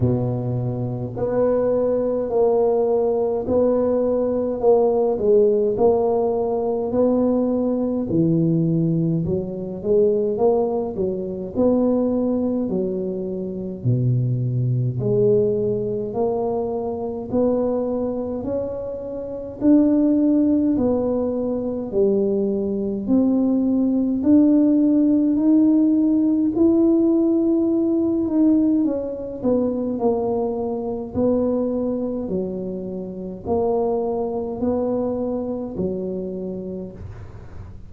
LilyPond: \new Staff \with { instrumentName = "tuba" } { \time 4/4 \tempo 4 = 52 b,4 b4 ais4 b4 | ais8 gis8 ais4 b4 e4 | fis8 gis8 ais8 fis8 b4 fis4 | b,4 gis4 ais4 b4 |
cis'4 d'4 b4 g4 | c'4 d'4 dis'4 e'4~ | e'8 dis'8 cis'8 b8 ais4 b4 | fis4 ais4 b4 fis4 | }